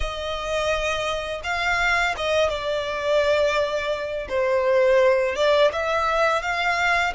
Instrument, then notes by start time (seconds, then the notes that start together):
violin
0.00 D#5
1.43 F5
2.17 D#5
2.49 D5
4.29 C5
5.35 D5
5.72 E5
6.42 F5